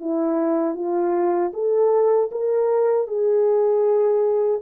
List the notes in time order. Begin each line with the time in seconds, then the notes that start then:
0.00 E4
0.75 F4
1.53 A4
2.31 A#4
3.07 G#4